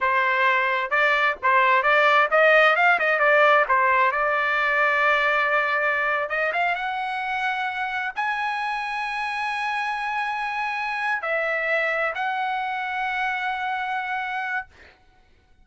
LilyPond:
\new Staff \with { instrumentName = "trumpet" } { \time 4/4 \tempo 4 = 131 c''2 d''4 c''4 | d''4 dis''4 f''8 dis''8 d''4 | c''4 d''2.~ | d''4.~ d''16 dis''8 f''8 fis''4~ fis''16~ |
fis''4.~ fis''16 gis''2~ gis''16~ | gis''1~ | gis''8 e''2 fis''4.~ | fis''1 | }